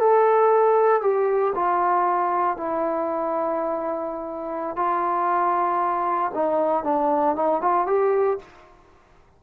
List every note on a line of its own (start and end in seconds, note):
0.00 1.02 A4
1.02 1.54 G4
1.55 2.58 F4
2.58 4.77 E4
4.77 6.32 F4
6.35 6.84 D#4
6.84 7.36 D4
7.36 7.62 D#4
7.62 7.87 F4
7.87 8.39 G4